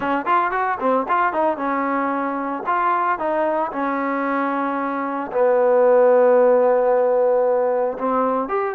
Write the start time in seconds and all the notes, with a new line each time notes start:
0.00 C#4
0.25 F4
0.51 F#4
0.80 C4
1.08 F4
1.32 D#4
1.57 C#4
2.66 F4
3.18 D#4
3.71 C#4
5.32 B3
7.98 C4
8.48 G4